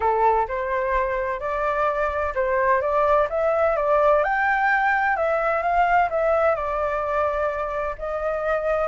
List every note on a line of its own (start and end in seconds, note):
0.00 0.47 A4
0.48 1.40 C5
1.40 2.33 D5
2.35 2.81 C5
2.81 3.28 D5
3.29 3.76 E5
3.76 4.23 D5
4.23 5.16 G5
5.16 5.62 E5
5.62 6.09 F5
6.10 6.55 E5
6.55 7.95 D5
7.98 8.88 D#5